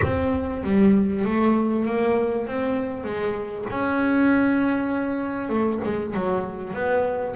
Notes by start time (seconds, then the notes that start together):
0.02 C4
0.63 G3
1.24 A3
1.85 A#3
2.47 C4
3.03 G#3
3.70 C#4
5.49 A3
5.84 G#3
6.14 F#3
6.73 B3